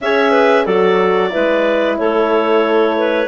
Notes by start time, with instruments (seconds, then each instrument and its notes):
0.01 bassoon C#4, horn G#4, clarinet C#5 E5
0.31 clarinet B4
0.64 bassoon F#3, horn F#4, clarinet A4 D5
1.30 bassoon G#3, horn E4, clarinet B4
1.98 bassoon A3, clarinet A4 C#5
2.97 clarinet B4